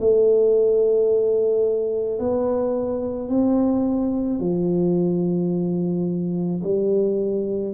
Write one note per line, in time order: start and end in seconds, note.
0.00 2.20 A3
2.20 3.29 B3
3.29 4.40 C4
4.40 6.62 F3
6.64 7.75 G3